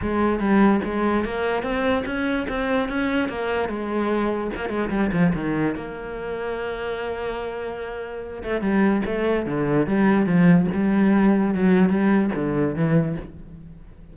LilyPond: \new Staff \with { instrumentName = "cello" } { \time 4/4 \tempo 4 = 146 gis4 g4 gis4 ais4 | c'4 cis'4 c'4 cis'4 | ais4 gis2 ais8 gis8 | g8 f8 dis4 ais2~ |
ais1~ | ais8 a8 g4 a4 d4 | g4 f4 g2 | fis4 g4 d4 e4 | }